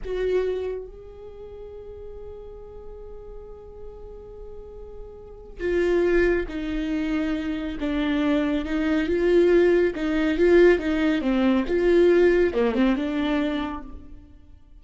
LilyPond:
\new Staff \with { instrumentName = "viola" } { \time 4/4 \tempo 4 = 139 fis'2 gis'2~ | gis'1~ | gis'1~ | gis'4 f'2 dis'4~ |
dis'2 d'2 | dis'4 f'2 dis'4 | f'4 dis'4 c'4 f'4~ | f'4 ais8 c'8 d'2 | }